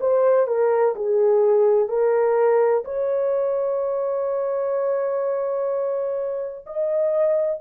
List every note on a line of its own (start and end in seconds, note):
0.00 0.47 C5
0.47 0.94 A#4
0.95 1.89 G#4
1.89 2.84 A#4
2.84 6.65 C#5
6.66 7.61 D#5